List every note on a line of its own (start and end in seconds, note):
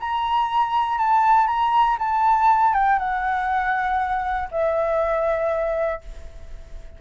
0.00 0.98 A#5
0.98 1.47 A5
1.47 1.97 A#5
1.99 2.74 A5
2.74 2.99 G5
2.99 4.49 F#5
4.51 6.01 E5